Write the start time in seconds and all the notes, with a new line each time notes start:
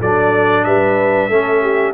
0.00 F#3 D4 A4 D5
0.65 G3 B4 E5
1.29 A3 C#4 A4
1.62 G4